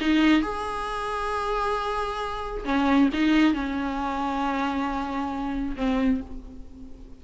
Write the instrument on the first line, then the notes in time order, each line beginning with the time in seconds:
viola
0.00 D#4
0.42 G#4
2.64 C#4
3.13 D#4
3.53 C#4
5.76 C4